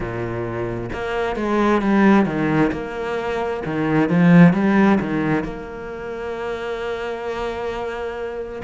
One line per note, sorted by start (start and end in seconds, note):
0.00 0.90 A#2
0.92 1.36 A#3
1.36 1.81 G#3
1.81 2.25 G3
2.25 2.71 D#3
2.72 3.63 A#3
3.65 4.09 D#3
4.09 4.53 F3
4.53 4.98 G3
5.00 5.43 D#3
5.43 8.62 A#3